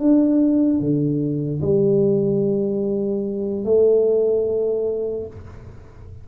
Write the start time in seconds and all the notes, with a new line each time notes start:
0.00 D4
0.80 D3
1.62 G3
3.65 A3